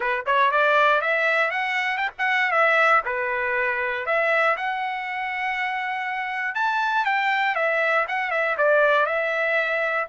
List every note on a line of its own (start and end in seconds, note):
0.00 0.25 B4
0.25 0.51 C#5
0.51 1.01 D5
1.01 1.50 E5
1.50 1.97 F#5
1.97 2.10 G5
2.18 2.51 F#5
2.51 3.01 E5
3.05 4.05 B4
4.06 4.56 E5
4.57 6.54 F#5
6.54 7.05 A5
7.05 7.55 G5
7.55 8.05 E5
8.07 8.30 F#5
8.30 8.56 E5
8.57 9.06 D5
9.06 10.07 E5